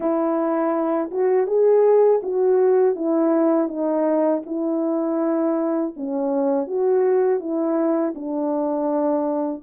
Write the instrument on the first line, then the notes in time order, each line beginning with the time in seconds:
horn
0.00 E4
1.11 F#4
1.46 G#4
2.23 F#4
2.95 E4
3.68 D#4
4.45 E4
5.96 C#4
6.67 F#4
7.39 E4
8.14 D4